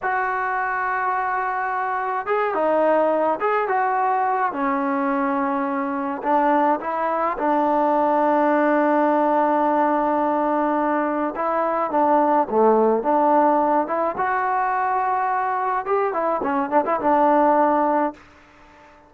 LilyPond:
\new Staff \with { instrumentName = "trombone" } { \time 4/4 \tempo 4 = 106 fis'1 | gis'8 dis'4. gis'8 fis'4. | cis'2. d'4 | e'4 d'2.~ |
d'1 | e'4 d'4 a4 d'4~ | d'8 e'8 fis'2. | g'8 e'8 cis'8 d'16 e'16 d'2 | }